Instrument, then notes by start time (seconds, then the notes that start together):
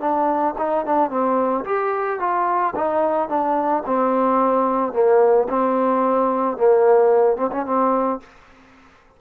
trombone
0.00 D4
0.58 D#4
0.86 D4
1.10 C4
1.65 G4
2.20 F4
2.76 D#4
3.29 D4
3.86 C4
4.93 A#3
5.49 C4
6.57 A#3
7.37 C4
7.52 C#4
7.66 C4